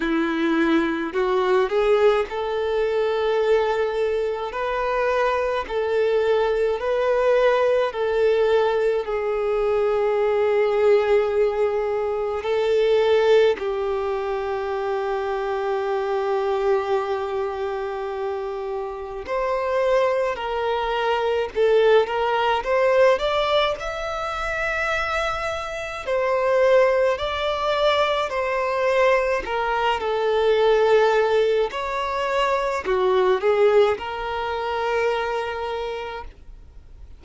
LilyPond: \new Staff \with { instrumentName = "violin" } { \time 4/4 \tempo 4 = 53 e'4 fis'8 gis'8 a'2 | b'4 a'4 b'4 a'4 | gis'2. a'4 | g'1~ |
g'4 c''4 ais'4 a'8 ais'8 | c''8 d''8 e''2 c''4 | d''4 c''4 ais'8 a'4. | cis''4 fis'8 gis'8 ais'2 | }